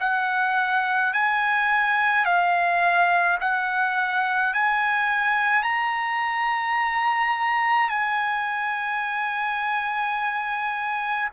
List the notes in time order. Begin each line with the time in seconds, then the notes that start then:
0.00 F#5
1.13 G#5
2.25 F5
3.40 F#5
4.54 G#5
5.63 A#5
7.89 G#5